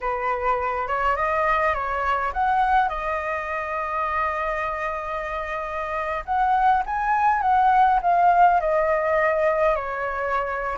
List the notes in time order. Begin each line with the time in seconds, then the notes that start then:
0.00 B4
0.87 C#5
1.16 D#5
1.74 C#5
2.33 F#5
2.89 D#5
6.25 F#5
6.86 G#5
7.41 F#5
8.02 F5
8.60 D#5
9.75 C#5